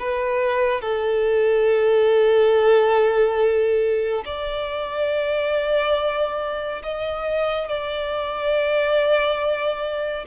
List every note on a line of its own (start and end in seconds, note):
0.00 0.82 B4
0.82 4.25 A4
4.26 6.83 D5
6.83 7.68 D#5
7.68 10.25 D5